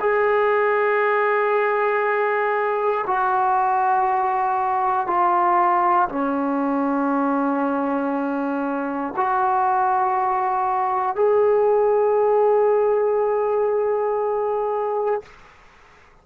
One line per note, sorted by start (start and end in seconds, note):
0.00 3.05 G#4
3.06 5.07 F#4
5.07 6.08 F4
6.09 9.14 C#4
9.16 11.15 F#4
11.15 15.22 G#4